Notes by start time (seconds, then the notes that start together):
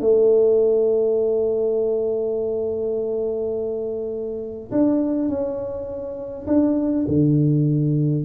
0.00 A3
4.71 D4
5.28 C#4
6.47 D4
7.07 D3